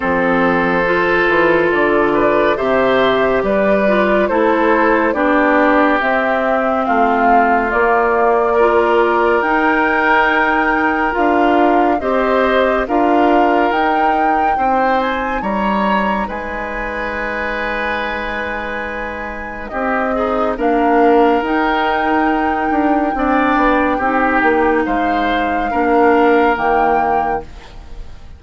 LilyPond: <<
  \new Staff \with { instrumentName = "flute" } { \time 4/4 \tempo 4 = 70 c''2 d''4 e''4 | d''4 c''4 d''4 e''4 | f''4 d''2 g''4~ | g''4 f''4 dis''4 f''4 |
g''4. gis''8 ais''4 gis''4~ | gis''2. dis''4 | f''4 g''2.~ | g''4 f''2 g''4 | }
  \new Staff \with { instrumentName = "oboe" } { \time 4/4 a'2~ a'8 b'8 c''4 | b'4 a'4 g'2 | f'2 ais'2~ | ais'2 c''4 ais'4~ |
ais'4 c''4 cis''4 b'4~ | b'2. g'8 dis'8 | ais'2. d''4 | g'4 c''4 ais'2 | }
  \new Staff \with { instrumentName = "clarinet" } { \time 4/4 c'4 f'2 g'4~ | g'8 f'8 e'4 d'4 c'4~ | c'4 ais4 f'4 dis'4~ | dis'4 f'4 g'4 f'4 |
dis'1~ | dis'2.~ dis'8 gis'8 | d'4 dis'2 d'4 | dis'2 d'4 ais4 | }
  \new Staff \with { instrumentName = "bassoon" } { \time 4/4 f4. e8 d4 c4 | g4 a4 b4 c'4 | a4 ais2 dis'4~ | dis'4 d'4 c'4 d'4 |
dis'4 c'4 g4 gis4~ | gis2. c'4 | ais4 dis'4. d'8 c'8 b8 | c'8 ais8 gis4 ais4 dis4 | }
>>